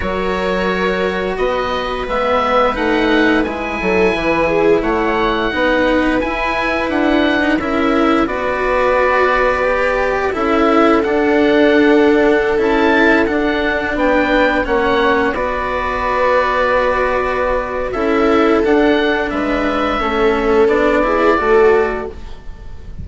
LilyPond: <<
  \new Staff \with { instrumentName = "oboe" } { \time 4/4 \tempo 4 = 87 cis''2 dis''4 e''4 | fis''4 gis''2 fis''4~ | fis''4 gis''4 fis''4 e''4 | d''2. e''4 |
fis''2~ fis''16 a''4 fis''8.~ | fis''16 g''4 fis''4 d''4.~ d''16~ | d''2 e''4 fis''4 | e''2 d''2 | }
  \new Staff \with { instrumentName = "viola" } { \time 4/4 ais'2 b'2~ | b'4. a'8 b'8 gis'8 cis''4 | b'2. ais'4 | b'2. a'4~ |
a'1~ | a'16 b'4 cis''4 b'4.~ b'16~ | b'2 a'2 | b'4 a'4. gis'8 a'4 | }
  \new Staff \with { instrumentName = "cello" } { \time 4/4 fis'2. b4 | dis'4 e'2. | dis'4 e'4.~ e'16 dis'16 e'4 | fis'2 g'4 e'4 |
d'2~ d'16 e'4 d'8.~ | d'4~ d'16 cis'4 fis'4.~ fis'16~ | fis'2 e'4 d'4~ | d'4 cis'4 d'8 e'8 fis'4 | }
  \new Staff \with { instrumentName = "bassoon" } { \time 4/4 fis2 b4 gis4 | a4 gis8 fis8 e4 a4 | b4 e'4 d'4 cis'4 | b2. cis'4 |
d'2~ d'16 cis'4 d'8.~ | d'16 b4 ais4 b4.~ b16~ | b2 cis'4 d'4 | gis4 a4 b4 a4 | }
>>